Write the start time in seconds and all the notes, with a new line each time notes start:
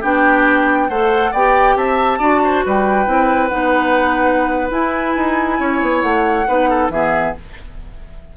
0.00 B3 D4 G4 G5
0.89 A3 A4 C5 F#5
1.31 B3 G4 D5 G5
1.75 C4 E5 A5
2.18 D4 F#4 D5
2.44 C5
2.65 G3 B4 G5
3.06 C4 E4
3.48 B3 D#4 F#5
4.70 E4 G#5
5.16 D#4
5.59 C#4 C#5
5.81 B3
6.01 A3 F#5
6.47 B3 D#4 B4
6.69 A4
6.89 E3 B3 G#4 E5